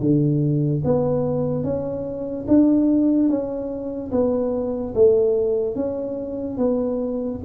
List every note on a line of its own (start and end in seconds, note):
0.00 0.82 D3
0.84 1.64 B3
1.64 2.46 C#4
2.48 3.29 D4
3.29 4.11 C#4
4.12 4.94 B3
4.95 5.75 A3
5.75 6.58 C#4
6.58 7.40 B3